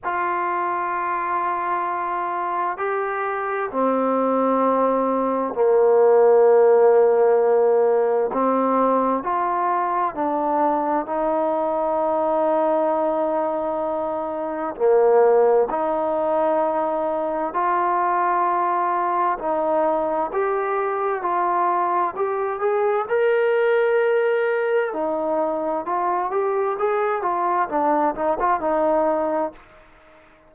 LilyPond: \new Staff \with { instrumentName = "trombone" } { \time 4/4 \tempo 4 = 65 f'2. g'4 | c'2 ais2~ | ais4 c'4 f'4 d'4 | dis'1 |
ais4 dis'2 f'4~ | f'4 dis'4 g'4 f'4 | g'8 gis'8 ais'2 dis'4 | f'8 g'8 gis'8 f'8 d'8 dis'16 f'16 dis'4 | }